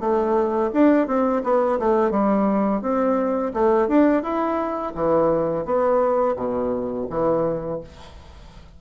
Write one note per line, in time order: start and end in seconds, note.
0.00 0.71 A3
0.73 1.07 D4
1.07 1.42 C4
1.44 1.79 B3
1.79 2.11 A3
2.11 2.82 G3
2.82 3.52 C4
3.54 3.88 A3
3.88 4.23 D4
4.23 4.93 E4
4.95 5.65 E3
5.65 6.36 B3
6.36 7.07 B2
7.10 7.81 E3